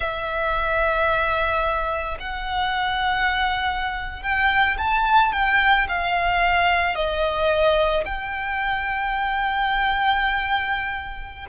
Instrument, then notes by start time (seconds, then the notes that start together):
violin
0.00 E5
2.19 F#5
4.22 G5
4.77 A5
5.32 G5
5.88 F5
6.95 D#5
8.05 G5